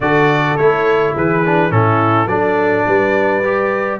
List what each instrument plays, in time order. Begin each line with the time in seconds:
0.00 tuba D3, trombone F#4, horn A4, trumpet D5
0.56 tuba A3, trombone E4, trumpet C#5
1.14 tuba E3, horn G#4, trumpet B4
1.45 trombone D4
1.70 tuba A2, trombone C#4, horn E4, trumpet A4
2.26 tuba F#3, trombone D4, horn A4, trumpet D5
2.86 tuba G3, horn B4
3.43 trombone G4